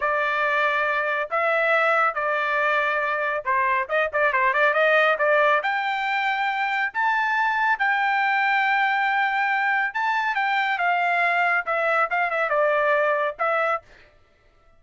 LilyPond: \new Staff \with { instrumentName = "trumpet" } { \time 4/4 \tempo 4 = 139 d''2. e''4~ | e''4 d''2. | c''4 dis''8 d''8 c''8 d''8 dis''4 | d''4 g''2. |
a''2 g''2~ | g''2. a''4 | g''4 f''2 e''4 | f''8 e''8 d''2 e''4 | }